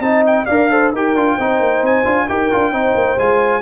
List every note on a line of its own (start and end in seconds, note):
0.00 0.45 C4
0.00 0.46 D#4
0.00 0.46 D#5
0.00 0.23 A5
0.26 0.46 G5
0.46 0.92 D4
0.46 0.70 A#4
0.46 0.69 D5
0.46 0.91 F5
0.70 0.93 A4
0.70 0.93 C5
0.92 1.14 D#4
0.92 1.16 G4
0.92 1.35 A#4
0.92 1.85 G5
1.14 1.37 D4
1.14 1.39 F4
1.35 1.59 C4
1.35 2.05 D#4
1.35 2.25 C5
1.59 1.82 A#3
1.82 2.04 C4
1.82 2.28 G#5
2.05 2.28 D4
2.05 2.27 F4
2.28 2.51 D#4
2.28 2.51 G4
2.28 2.72 A#4
2.28 3.19 G5
2.51 2.72 D4
2.51 2.72 F4
2.72 2.94 C4
2.72 3.17 D#4
2.72 3.61 C5
2.95 3.17 A#3
3.17 3.61 G#3
3.17 3.61 F4
3.17 3.61 G#5